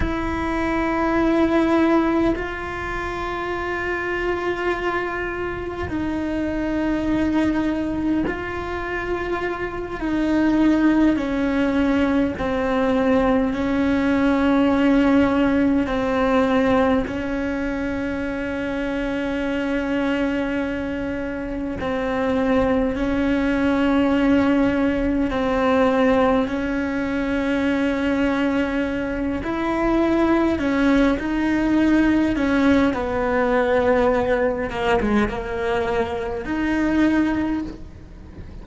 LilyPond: \new Staff \with { instrumentName = "cello" } { \time 4/4 \tempo 4 = 51 e'2 f'2~ | f'4 dis'2 f'4~ | f'8 dis'4 cis'4 c'4 cis'8~ | cis'4. c'4 cis'4.~ |
cis'2~ cis'8 c'4 cis'8~ | cis'4. c'4 cis'4.~ | cis'4 e'4 cis'8 dis'4 cis'8 | b4. ais16 gis16 ais4 dis'4 | }